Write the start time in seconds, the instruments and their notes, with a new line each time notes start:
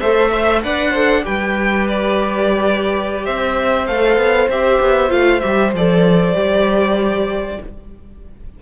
0.00 cello A3, viola A4, violin C5 E5
0.32 viola C5, violin E5
0.63 cello D4, viola B4, violin D5 F#5
0.91 viola A4, violin C5
1.23 cello G3, viola G4, violin B4 G5
1.89 violin D5
3.25 cello C4, violin C5 E5
3.87 cello A3, viola A4, violin F5
4.17 cello B3
4.48 cello C4, viola G4, violin E5
4.81 cello B3
5.09 cello A3, viola F4, violin F5
5.40 cello G3, viola G4, violin E5
5.74 cello F3, viola A4, violin D5
6.34 cello G3, viola G4